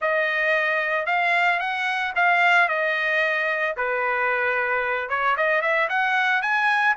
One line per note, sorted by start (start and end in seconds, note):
0.01 1.06 D#5
1.06 1.59 F5
1.59 2.13 F#5
2.15 2.68 F5
2.68 3.75 D#5
3.76 5.09 B4
5.09 5.36 C#5
5.36 5.61 D#5
5.61 5.88 E5
5.89 6.41 F#5
6.41 6.95 G#5